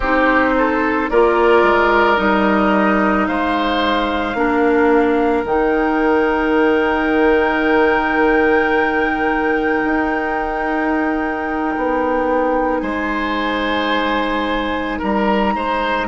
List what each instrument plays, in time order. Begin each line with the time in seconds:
0.00 bassoon C4, clarinet D#4, oboe G4, flute C5
0.58 oboe A4
1.09 bassoon A#3, clarinet F4, oboe A#4, flute D5
1.62 bassoon G#3
2.16 bassoon G3, clarinet D#4, flute D#5
3.26 bassoon G#3, oboe C5, flute F5
4.34 bassoon A#3, clarinet D4, oboe A#4
5.45 bassoon D#3, clarinet D#4, flute G5
9.84 bassoon D#4
11.76 bassoon B3
12.80 bassoon G#3, oboe C5, flute G#5
14.98 bassoon G3, oboe A#4, flute A#5
15.55 bassoon G#3, oboe C5